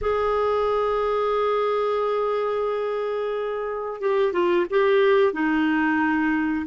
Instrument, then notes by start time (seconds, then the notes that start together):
clarinet
0.01 G#4
4.00 G4
4.32 F4
4.69 G4
5.32 D#4